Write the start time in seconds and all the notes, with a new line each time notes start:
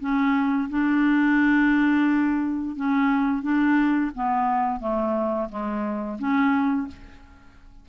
0.00 C#4
0.70 D4
2.76 C#4
3.42 D4
4.15 B3
4.80 A3
5.49 G#3
6.18 C#4